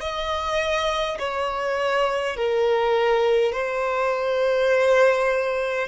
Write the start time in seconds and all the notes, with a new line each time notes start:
0.00 D#5
1.19 C#5
2.36 A#4
3.52 C5